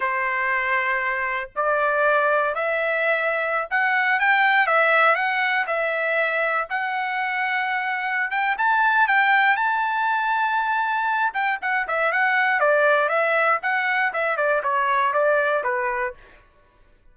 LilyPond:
\new Staff \with { instrumentName = "trumpet" } { \time 4/4 \tempo 4 = 119 c''2. d''4~ | d''4 e''2~ e''16 fis''8.~ | fis''16 g''4 e''4 fis''4 e''8.~ | e''4~ e''16 fis''2~ fis''8.~ |
fis''8 g''8 a''4 g''4 a''4~ | a''2~ a''8 g''8 fis''8 e''8 | fis''4 d''4 e''4 fis''4 | e''8 d''8 cis''4 d''4 b'4 | }